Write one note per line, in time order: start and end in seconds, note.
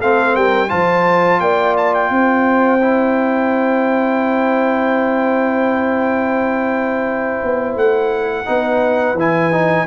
0.00 0.35 A3
0.00 0.68 C4
0.00 0.34 A4
0.00 0.35 F5
0.34 0.71 G3
0.34 0.69 A#4
0.34 0.70 G5
0.68 1.40 F3
0.68 2.80 F4
0.68 1.41 C5
0.68 1.40 A5
1.40 2.10 A#3
1.40 2.12 D5
1.40 1.75 G5
1.77 1.94 A5
1.94 7.76 G5
2.10 7.39 C4
2.10 8.48 C5
2.81 8.45 E4
7.43 7.75 B3
7.75 8.46 A3
7.75 9.19 F#5
8.45 9.14 B3
8.45 9.16 D#4
8.45 9.87 B4
9.14 9.84 E3
9.14 9.51 E4
9.14 9.87 G#5
9.51 9.87 D#4